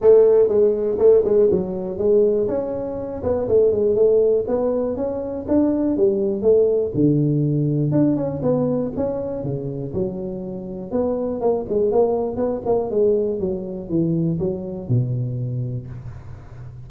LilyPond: \new Staff \with { instrumentName = "tuba" } { \time 4/4 \tempo 4 = 121 a4 gis4 a8 gis8 fis4 | gis4 cis'4. b8 a8 gis8 | a4 b4 cis'4 d'4 | g4 a4 d2 |
d'8 cis'8 b4 cis'4 cis4 | fis2 b4 ais8 gis8 | ais4 b8 ais8 gis4 fis4 | e4 fis4 b,2 | }